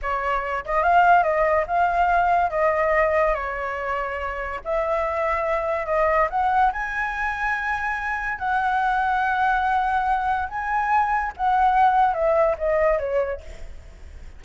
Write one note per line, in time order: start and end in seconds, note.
0.02 0.65 C#5
0.65 0.83 D#5
0.83 1.23 F5
1.23 1.65 D#5
1.67 2.50 F5
2.50 3.34 D#5
3.34 4.60 C#5
4.64 5.86 E5
5.86 6.27 D#5
6.29 6.71 F#5
6.72 8.38 G#5
8.38 10.48 F#5
10.48 11.32 G#5
11.36 12.13 F#5
12.13 12.55 E5
12.57 12.98 D#5
12.98 13.40 C#5